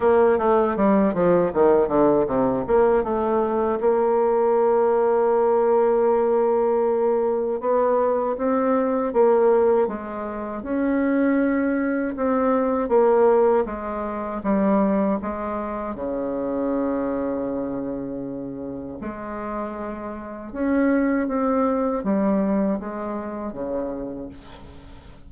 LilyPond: \new Staff \with { instrumentName = "bassoon" } { \time 4/4 \tempo 4 = 79 ais8 a8 g8 f8 dis8 d8 c8 ais8 | a4 ais2.~ | ais2 b4 c'4 | ais4 gis4 cis'2 |
c'4 ais4 gis4 g4 | gis4 cis2.~ | cis4 gis2 cis'4 | c'4 g4 gis4 cis4 | }